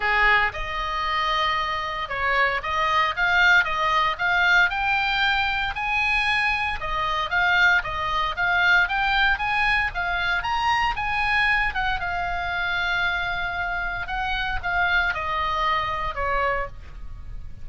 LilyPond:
\new Staff \with { instrumentName = "oboe" } { \time 4/4 \tempo 4 = 115 gis'4 dis''2. | cis''4 dis''4 f''4 dis''4 | f''4 g''2 gis''4~ | gis''4 dis''4 f''4 dis''4 |
f''4 g''4 gis''4 f''4 | ais''4 gis''4. fis''8 f''4~ | f''2. fis''4 | f''4 dis''2 cis''4 | }